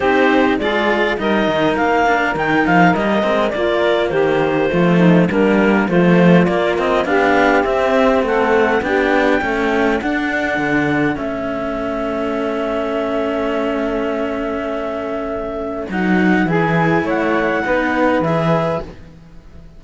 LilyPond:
<<
  \new Staff \with { instrumentName = "clarinet" } { \time 4/4 \tempo 4 = 102 c''4 d''4 dis''4 f''4 | g''8 f''8 dis''4 d''4 c''4~ | c''4 ais'4 c''4 d''8 dis''8 | f''4 e''4 fis''4 g''4~ |
g''4 fis''2 e''4~ | e''1~ | e''2. fis''4 | gis''4 fis''2 e''4 | }
  \new Staff \with { instrumentName = "saxophone" } { \time 4/4 g'4 gis'4 ais'2~ | ais'2 f'4 g'4 | f'8 dis'8 d'4 f'2 | g'2 a'4 g'4 |
a'1~ | a'1~ | a'1 | gis'4 cis''4 b'2 | }
  \new Staff \with { instrumentName = "cello" } { \time 4/4 dis'4 f'4 dis'4. d'8 | dis'4 ais8 c'8 ais2 | a4 ais4 f4 ais8 c'8 | d'4 c'2 d'4 |
a4 d'2 cis'4~ | cis'1~ | cis'2. dis'4 | e'2 dis'4 gis'4 | }
  \new Staff \with { instrumentName = "cello" } { \time 4/4 c'4 gis4 g8 dis8 ais4 | dis8 f8 g8 gis8 ais4 dis4 | f4 g4 a4 ais4 | b4 c'4 a4 b4 |
cis'4 d'4 d4 a4~ | a1~ | a2. fis4 | e4 a4 b4 e4 | }
>>